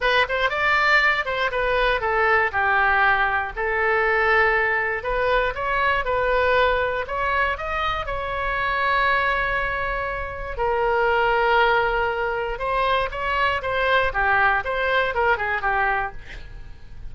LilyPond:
\new Staff \with { instrumentName = "oboe" } { \time 4/4 \tempo 4 = 119 b'8 c''8 d''4. c''8 b'4 | a'4 g'2 a'4~ | a'2 b'4 cis''4 | b'2 cis''4 dis''4 |
cis''1~ | cis''4 ais'2.~ | ais'4 c''4 cis''4 c''4 | g'4 c''4 ais'8 gis'8 g'4 | }